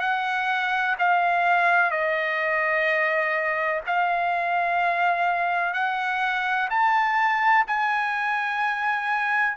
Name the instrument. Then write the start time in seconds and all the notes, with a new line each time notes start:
trumpet
0.00 F#5
0.98 F5
1.90 D#5
3.86 F5
5.73 F#5
6.70 A5
7.67 G#5